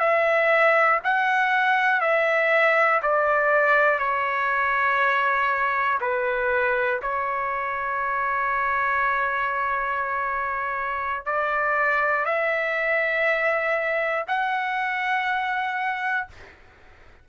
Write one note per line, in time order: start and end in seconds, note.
0.00 1.00 E5
1.04 2.01 F#5
2.01 3.01 E5
3.03 4.00 D5
4.00 6.00 C#5
6.01 7.01 B4
7.02 11.26 C#5
11.26 12.25 D5
12.25 14.25 E5
14.28 16.28 F#5